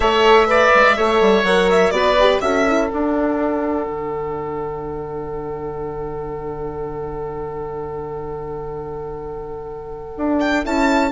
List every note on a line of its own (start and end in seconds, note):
0.00 0.69 A3
0.00 0.46 A4
0.00 0.47 C#5
0.00 1.44 E5
0.46 0.95 B4
0.46 0.96 D5
0.74 0.98 G#3
0.96 1.20 A3
0.96 1.44 A4
0.96 1.93 C#5
1.20 1.43 G3
1.43 1.91 F#3
1.43 1.92 A#4
1.43 1.68 F#5
1.70 1.91 E5
1.91 2.39 B3
1.91 2.16 F#4
1.91 2.42 B4
1.91 2.39 D5
2.19 2.42 G4
2.41 2.90 C#4
2.41 2.66 F#4
2.41 11.11 A4
2.41 2.89 E5
2.67 2.91 E4
2.89 10.64 D4
2.89 3.86 D4
2.89 10.39 F#5
3.86 10.15 D3
10.17 10.65 D4
10.40 10.64 G5
10.64 11.11 C#4
10.64 11.11 E4
10.64 11.11 A5